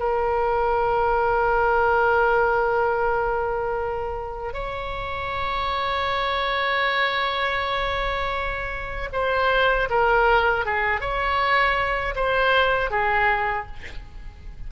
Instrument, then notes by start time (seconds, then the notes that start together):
oboe
0.00 A#4
4.54 C#5
9.13 C5
9.90 A#4
10.66 G#4
11.01 C#5
12.16 C5
12.91 G#4